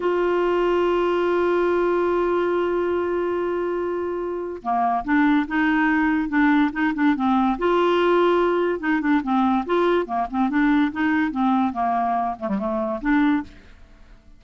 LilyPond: \new Staff \with { instrumentName = "clarinet" } { \time 4/4 \tempo 4 = 143 f'1~ | f'1~ | f'2. ais4 | d'4 dis'2 d'4 |
dis'8 d'8 c'4 f'2~ | f'4 dis'8 d'8 c'4 f'4 | ais8 c'8 d'4 dis'4 c'4 | ais4. a16 g16 a4 d'4 | }